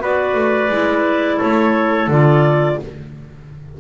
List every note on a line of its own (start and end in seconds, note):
0.00 0.34 B3
0.00 0.69 F#4
0.00 1.38 B4
0.00 1.40 D5
0.34 0.69 A3
0.69 1.38 G#3
0.69 2.09 E4
1.38 2.08 A3
1.38 2.76 A4
1.38 2.09 C#5
2.08 2.77 D3
2.08 2.79 F4
2.08 2.80 D5